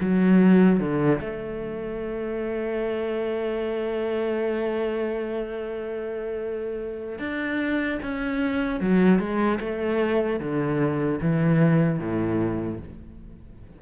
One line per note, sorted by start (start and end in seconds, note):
0.00 0.79 F#3
0.79 1.19 D3
1.20 7.18 A3
7.18 7.98 D4
8.02 8.80 C#4
8.80 9.19 F#3
9.19 9.59 G#3
9.60 10.39 A3
10.39 11.19 D3
11.21 11.99 E3
11.99 12.79 A2